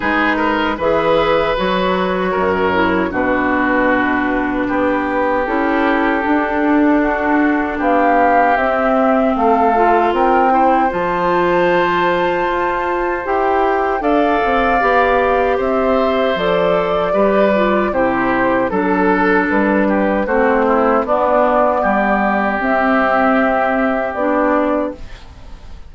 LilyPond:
<<
  \new Staff \with { instrumentName = "flute" } { \time 4/4 \tempo 4 = 77 b'4 e''4 cis''2 | b'2. a'4~ | a'2 f''4 e''4 | f''4 g''4 a''2~ |
a''4 g''4 f''2 | e''4 d''2 c''4 | a'4 b'4 c''4 d''4~ | d''4 e''2 d''4 | }
  \new Staff \with { instrumentName = "oboe" } { \time 4/4 gis'8 ais'8 b'2 ais'4 | fis'2 g'2~ | g'4 fis'4 g'2 | a'4 ais'8 c''2~ c''8~ |
c''2 d''2 | c''2 b'4 g'4 | a'4. g'8 fis'8 e'8 d'4 | g'1 | }
  \new Staff \with { instrumentName = "clarinet" } { \time 4/4 dis'4 gis'4 fis'4. e'8 | d'2. e'4 | d'2. c'4~ | c'8 f'4 e'8 f'2~ |
f'4 g'4 a'4 g'4~ | g'4 a'4 g'8 f'8 e'4 | d'2 c'4 b4~ | b4 c'2 d'4 | }
  \new Staff \with { instrumentName = "bassoon" } { \time 4/4 gis4 e4 fis4 fis,4 | b,2 b4 cis'4 | d'2 b4 c'4 | a4 c'4 f2 |
f'4 e'4 d'8 c'8 b4 | c'4 f4 g4 c4 | fis4 g4 a4 b4 | g4 c'2 b4 | }
>>